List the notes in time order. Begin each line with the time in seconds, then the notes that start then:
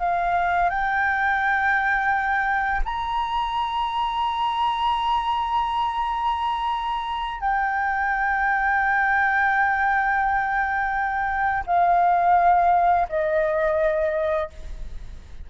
0.00 F5
0.70 G5
2.85 A#5
7.41 G5
11.67 F5
13.09 D#5